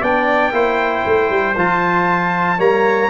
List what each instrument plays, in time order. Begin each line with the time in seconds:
0.00 tuba B3, trombone D4, trumpet D5 G5
0.52 tuba A#3, trombone E4, trumpet C5
1.05 tuba A3
1.30 tuba G3
1.56 tuba F3, trombone F4, trumpet A5
2.58 tuba G3, trombone A#3, trumpet C#5 A#5